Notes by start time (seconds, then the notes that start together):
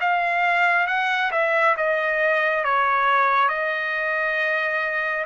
0.00 F5
0.87 F#5
1.32 E5
1.77 D#5
2.64 C#5
3.49 D#5